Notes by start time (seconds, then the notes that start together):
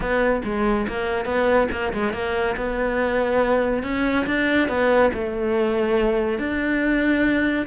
0.00 B3
0.44 G#3
0.87 A#3
1.25 B3
1.71 A#3
1.93 G#3
2.13 A#3
2.56 B3
3.83 C#4
4.26 D4
4.68 B3
5.13 A3
6.38 D4